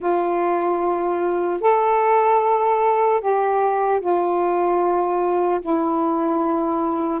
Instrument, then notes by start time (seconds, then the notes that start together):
saxophone
0.00 F4
1.60 A4
3.20 G4
4.00 F4
5.61 E4